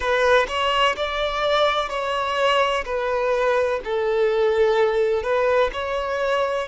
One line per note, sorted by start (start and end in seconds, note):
0.00 0.46 B4
0.48 0.95 C#5
0.96 1.89 D5
1.89 2.84 C#5
2.85 3.80 B4
3.84 5.22 A4
5.22 5.70 B4
5.72 6.68 C#5